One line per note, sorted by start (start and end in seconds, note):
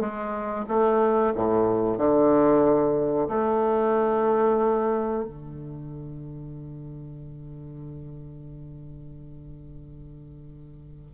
0.00 0.65 G#3
0.68 1.33 A3
1.35 1.98 A2
1.98 3.28 D3
3.28 5.24 A3
5.24 11.11 D3